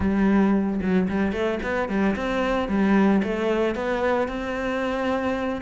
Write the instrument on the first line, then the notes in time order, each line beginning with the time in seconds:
cello
0.00 G3
0.81 F#3
1.08 G3
1.32 A3
1.62 B3
1.88 G3
2.16 C4
2.68 G3
3.23 A3
3.75 B3
4.28 C4